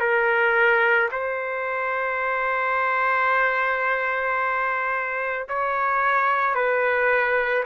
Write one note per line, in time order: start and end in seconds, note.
0.00 1.09 A#4
1.12 5.48 C5
5.48 6.55 C#5
6.55 7.64 B4